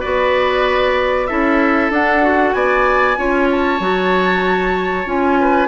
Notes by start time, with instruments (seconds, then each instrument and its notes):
0.00 bassoon B3, clarinet F#4, oboe B4, flute D5
1.27 bassoon C#4, clarinet E4, oboe A4, flute E5
1.90 bassoon D4, clarinet D4, flute F#5
2.21 clarinet F#4
2.53 bassoon B3, oboe D5, flute G#5
3.17 bassoon C#4, clarinet F4, oboe C#5
3.50 flute A5
3.79 bassoon F#3, clarinet F#4
5.05 bassoon C#4, clarinet F4, flute G#5
5.40 oboe B4